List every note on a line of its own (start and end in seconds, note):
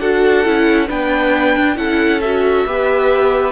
0.00 0.45 D4
0.00 0.44 F#4
0.00 0.87 A4
0.00 0.88 F#5
0.44 0.89 C#4
0.44 0.87 E4
0.87 1.56 B3
0.87 1.75 D4
0.87 1.76 B4
0.87 1.77 G5
1.56 1.76 D4
1.76 2.64 C#4
1.76 2.20 E4
1.76 2.66 A4
1.76 2.20 F#5
2.20 2.67 F#4
2.20 3.52 E5
2.65 3.52 B3
2.65 3.52 G4
2.65 3.52 B4